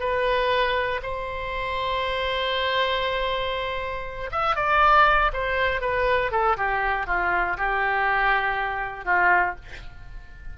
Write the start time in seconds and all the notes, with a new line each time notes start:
0.00 B4
1.03 C5
4.32 E5
4.56 D5
5.33 C5
5.81 B4
6.32 A4
6.57 G4
7.07 F4
7.57 G4
9.05 F4